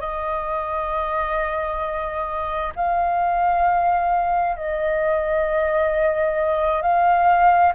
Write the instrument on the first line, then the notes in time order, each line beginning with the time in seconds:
flute
0.00 D#5
2.76 F5
4.56 D#5
6.82 F5